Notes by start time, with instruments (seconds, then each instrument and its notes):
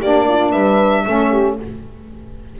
0.00 double bass A#3, saxophone D4, horn G4, violin D5
0.28 horn F4
0.52 double bass G3, horn B4, violin E5
1.05 double bass A3, saxophone C#4, horn A4
1.31 horn G4